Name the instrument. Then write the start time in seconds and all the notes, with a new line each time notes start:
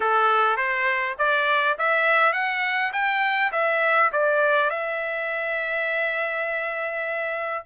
trumpet
0.00 A4
0.56 C5
1.18 D5
1.78 E5
2.33 F#5
2.93 G5
3.52 E5
4.12 D5
4.70 E5